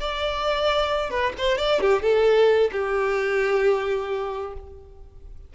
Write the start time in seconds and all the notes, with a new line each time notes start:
0.00 D5
1.10 B4
1.38 C5
1.58 D5
1.81 G4
2.03 A4
2.72 G4